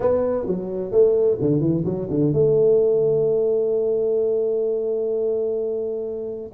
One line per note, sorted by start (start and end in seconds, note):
0.00 0.46 B3
0.46 0.91 F#3
0.91 1.38 A3
1.41 1.60 D3
1.60 1.84 E3
1.85 2.08 F#3
2.10 2.33 D3
2.33 6.51 A3